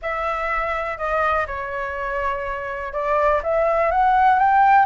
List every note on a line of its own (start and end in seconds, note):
0.01 0.97 E5
0.97 1.46 D#5
1.46 2.92 C#5
2.92 3.41 D5
3.43 3.91 E5
3.91 4.39 F#5
4.39 4.85 G5